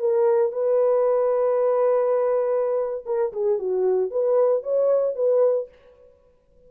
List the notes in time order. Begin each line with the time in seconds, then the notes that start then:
0.00 A#4
0.53 B4
3.06 A#4
3.33 G#4
3.59 F#4
4.11 B4
4.64 C#5
5.16 B4